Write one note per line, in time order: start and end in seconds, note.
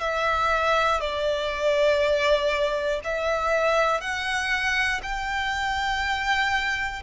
0.00 1.00 E5
1.00 3.00 D5
3.04 4.00 E5
4.00 5.00 F#5
5.02 7.02 G5